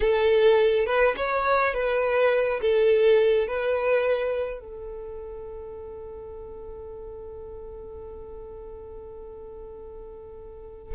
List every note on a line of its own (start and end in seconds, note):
0.00 0.85 A4
0.85 1.14 B4
1.16 1.74 C#5
1.74 2.60 B4
2.61 3.47 A4
3.47 4.59 B4
4.59 10.94 A4